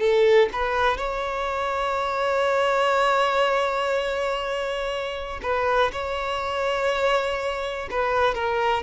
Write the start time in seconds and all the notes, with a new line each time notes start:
0.00 A4
0.53 B4
0.98 C#5
5.42 B4
5.93 C#5
7.91 B4
8.35 A#4